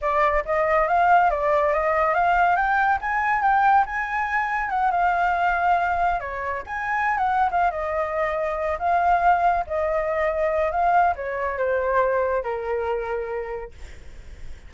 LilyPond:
\new Staff \with { instrumentName = "flute" } { \time 4/4 \tempo 4 = 140 d''4 dis''4 f''4 d''4 | dis''4 f''4 g''4 gis''4 | g''4 gis''2 fis''8 f''8~ | f''2~ f''8 cis''4 gis''8~ |
gis''8. fis''8. f''8 dis''2~ | dis''8 f''2 dis''4.~ | dis''4 f''4 cis''4 c''4~ | c''4 ais'2. | }